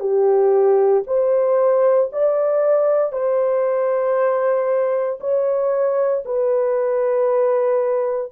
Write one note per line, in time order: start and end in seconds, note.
0.00 1.03 G4
1.07 2.10 C5
2.12 3.13 D5
3.13 5.20 C5
5.20 6.24 C#5
6.25 8.32 B4